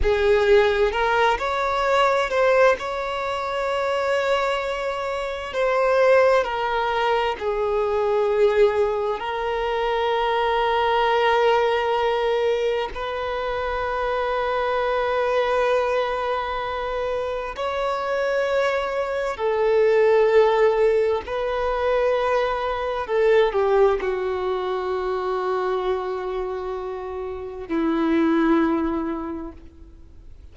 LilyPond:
\new Staff \with { instrumentName = "violin" } { \time 4/4 \tempo 4 = 65 gis'4 ais'8 cis''4 c''8 cis''4~ | cis''2 c''4 ais'4 | gis'2 ais'2~ | ais'2 b'2~ |
b'2. cis''4~ | cis''4 a'2 b'4~ | b'4 a'8 g'8 fis'2~ | fis'2 e'2 | }